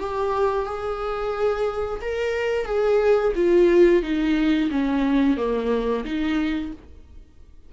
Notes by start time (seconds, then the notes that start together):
0.00 G4
0.66 G#4
2.01 A#4
2.65 G#4
3.36 F4
4.03 D#4
4.71 C#4
5.37 A#3
6.05 D#4